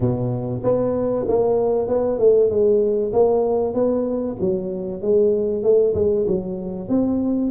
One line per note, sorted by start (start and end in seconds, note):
0.00 0.62 B2
0.63 1.26 B3
1.28 1.88 A#3
1.88 2.18 B3
2.18 2.49 A3
2.49 3.12 G#3
3.12 3.74 A#3
3.74 4.36 B3
4.40 5.01 F#3
5.01 5.63 G#3
5.63 5.94 A3
5.94 6.26 G#3
6.27 6.88 F#3
6.88 7.51 C4